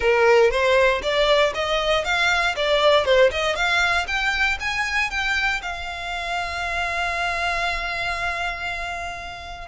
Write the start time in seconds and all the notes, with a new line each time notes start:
0.00 A#4
0.50 C5
1.02 D5
1.54 D#5
2.04 F5
2.56 D5
3.05 C5
3.31 D#5
3.55 F5
4.07 G5
4.60 G#5
5.10 G5
5.61 F5